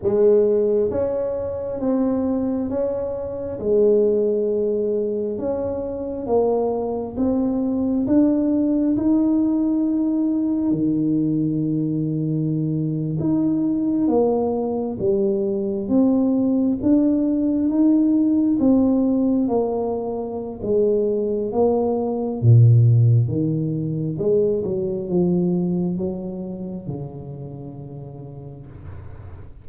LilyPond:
\new Staff \with { instrumentName = "tuba" } { \time 4/4 \tempo 4 = 67 gis4 cis'4 c'4 cis'4 | gis2 cis'4 ais4 | c'4 d'4 dis'2 | dis2~ dis8. dis'4 ais16~ |
ais8. g4 c'4 d'4 dis'16~ | dis'8. c'4 ais4~ ais16 gis4 | ais4 ais,4 dis4 gis8 fis8 | f4 fis4 cis2 | }